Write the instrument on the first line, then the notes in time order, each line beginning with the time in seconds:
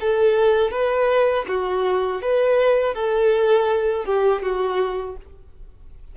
violin
0.00 A4
0.71 B4
1.48 F#4
2.21 B4
2.94 A4
4.05 G4
4.42 F#4